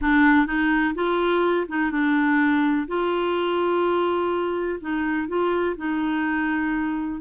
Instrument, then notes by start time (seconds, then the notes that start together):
clarinet
0.01 D4
0.46 D#4
0.94 F4
1.68 D#4
1.91 D4
2.87 F4
4.80 D#4
5.28 F4
5.76 D#4